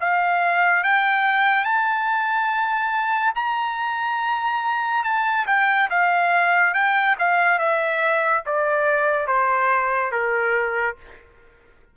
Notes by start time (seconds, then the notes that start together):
0.00 F5
0.83 G5
1.64 A5
3.35 A#5
5.04 A5
5.47 G5
5.90 F5
6.74 G5
7.18 F5
7.59 E5
8.45 D5
9.27 C5
10.11 A#4